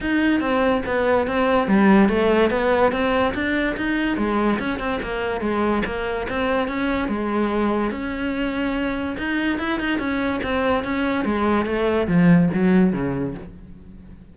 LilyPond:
\new Staff \with { instrumentName = "cello" } { \time 4/4 \tempo 4 = 144 dis'4 c'4 b4 c'4 | g4 a4 b4 c'4 | d'4 dis'4 gis4 cis'8 c'8 | ais4 gis4 ais4 c'4 |
cis'4 gis2 cis'4~ | cis'2 dis'4 e'8 dis'8 | cis'4 c'4 cis'4 gis4 | a4 f4 fis4 cis4 | }